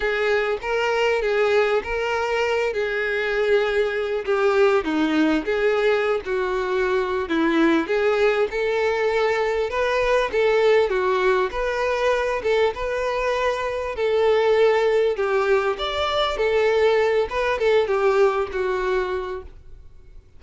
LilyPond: \new Staff \with { instrumentName = "violin" } { \time 4/4 \tempo 4 = 99 gis'4 ais'4 gis'4 ais'4~ | ais'8 gis'2~ gis'8 g'4 | dis'4 gis'4~ gis'16 fis'4.~ fis'16 | e'4 gis'4 a'2 |
b'4 a'4 fis'4 b'4~ | b'8 a'8 b'2 a'4~ | a'4 g'4 d''4 a'4~ | a'8 b'8 a'8 g'4 fis'4. | }